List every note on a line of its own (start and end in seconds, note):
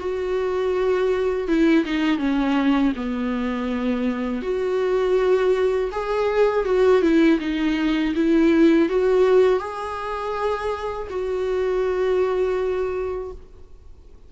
0.00 1.47 F#4
1.47 1.85 E4
1.85 2.18 D#4
2.18 2.92 C#4
2.96 4.42 B3
4.42 5.90 F#4
5.92 6.65 G#4
6.65 7.02 F#4
7.02 7.39 E4
7.40 8.14 D#4
8.15 8.89 E4
8.89 9.59 F#4
9.59 11.08 G#4
11.09 13.32 F#4